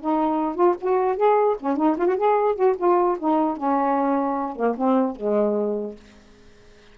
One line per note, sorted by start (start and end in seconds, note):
0.00 0.55 D#4
0.55 0.75 F4
0.81 1.16 F#4
1.16 1.56 G#4
1.60 1.76 C#4
1.76 1.96 D#4
1.97 2.07 F4
2.07 2.16 F#4
2.16 2.55 G#4
2.55 2.75 F#4
2.77 3.17 F4
3.19 3.57 D#4
3.57 4.55 C#4
4.55 4.75 A#3
4.77 5.16 C4
5.16 5.96 G#3